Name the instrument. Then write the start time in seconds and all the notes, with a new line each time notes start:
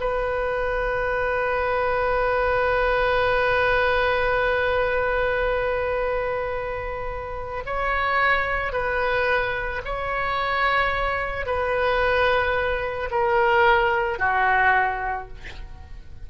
oboe
0.00 B4
7.66 C#5
8.73 B4
9.85 C#5
11.46 B4
13.11 A#4
14.19 F#4